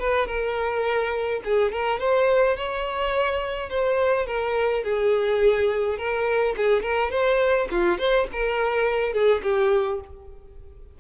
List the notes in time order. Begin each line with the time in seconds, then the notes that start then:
0.00 B4
0.27 A#4
1.44 G#4
1.72 A#4
2.00 C5
2.57 C#5
3.70 C5
4.26 A#4
4.84 G#4
5.98 A#4
6.57 G#4
6.83 A#4
7.11 C5
7.71 F4
7.99 C5
8.33 A#4
9.13 G#4
9.43 G4